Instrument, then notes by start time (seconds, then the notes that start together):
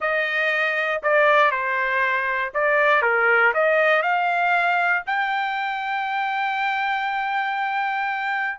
trumpet
0.00 D#5
1.02 D5
1.51 C5
2.53 D5
3.02 A#4
3.54 D#5
4.02 F5
5.06 G5